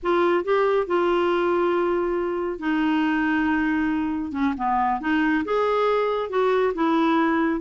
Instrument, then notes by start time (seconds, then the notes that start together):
clarinet
0.03 F4
0.44 G4
0.86 F4
2.59 D#4
4.32 C#4
4.57 B3
5.00 D#4
5.44 G#4
6.29 F#4
6.74 E4